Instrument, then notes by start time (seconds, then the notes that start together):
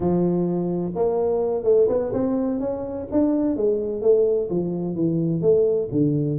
tuba
0.00 F3
0.95 A#3
1.63 A3
1.88 B3
2.13 C4
2.60 C#4
3.11 D4
3.56 G#3
4.01 A3
4.50 F3
4.95 E3
5.41 A3
5.91 D3